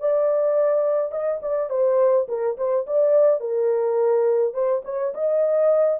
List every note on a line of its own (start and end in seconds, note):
0.00 1.12 D5
1.12 1.41 D#5
1.43 1.70 D5
1.70 2.27 C5
2.29 2.57 A#4
2.58 2.86 C5
2.87 3.40 D5
3.40 4.54 A#4
4.54 4.83 C5
4.85 5.14 C#5
5.14 6.00 D#5